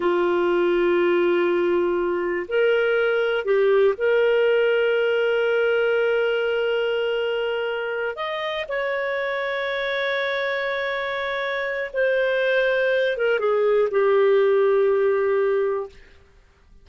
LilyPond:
\new Staff \with { instrumentName = "clarinet" } { \time 4/4 \tempo 4 = 121 f'1~ | f'4 ais'2 g'4 | ais'1~ | ais'1~ |
ais'8 dis''4 cis''2~ cis''8~ | cis''1 | c''2~ c''8 ais'8 gis'4 | g'1 | }